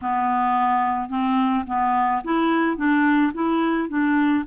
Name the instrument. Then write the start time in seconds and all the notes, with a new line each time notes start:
clarinet
0.01 B3
1.09 C4
1.66 B3
2.24 E4
2.76 D4
3.33 E4
3.88 D4